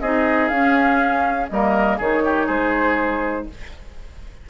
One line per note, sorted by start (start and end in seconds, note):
0.00 0.50 C4
0.00 0.52 D#4
0.00 1.50 G#4
0.00 0.48 D#5
0.48 1.49 C#4
0.48 1.51 C#4
0.48 1.47 F5
1.49 1.99 G3
1.49 2.00 A#3
1.49 1.97 A#4
1.49 1.98 D#5
1.97 2.48 D#3
1.97 3.49 D#4
1.97 2.22 G#4
1.97 2.48 C#5
2.24 2.46 G4
2.46 3.48 G#3
2.46 3.45 G#4
2.46 3.47 C5